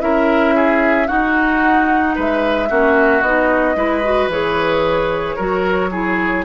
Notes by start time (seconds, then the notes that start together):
0.00 C#4 E4 A#4 E5
0.55 G#4
1.07 D#4 F#4 F#5
2.15 G#3 B4 E5
2.69 A#3 C#4 F#4
3.22 B3 D#4 D#5
3.76 G#3 E4 B4
4.03 F#4
4.28 E3 G#4 C#5
5.36 F#3 F#4 A#4
5.91 E4 G#4